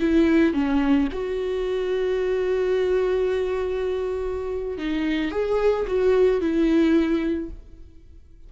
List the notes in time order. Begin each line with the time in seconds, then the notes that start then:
0.00 E4
0.54 C#4
1.12 F#4
4.78 D#4
5.31 G#4
5.87 F#4
6.41 E4